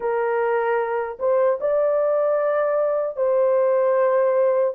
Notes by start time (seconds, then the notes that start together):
0.00 A#4
1.19 C5
1.60 D5
3.16 C5